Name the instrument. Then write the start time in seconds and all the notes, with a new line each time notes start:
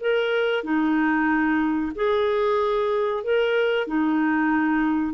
clarinet
0.00 A#4
0.63 D#4
1.95 G#4
3.23 A#4
3.87 D#4